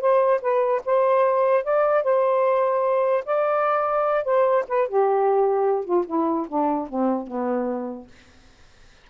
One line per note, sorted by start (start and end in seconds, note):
0.00 0.40 C5
0.41 0.81 B4
0.85 1.63 C5
1.63 2.03 D5
2.03 3.24 C5
3.25 4.24 D5
4.24 4.64 C5
4.68 4.88 B4
4.88 5.84 G4
5.84 6.05 F4
6.06 6.46 E4
6.48 6.88 D4
6.89 7.27 C4
7.27 8.07 B3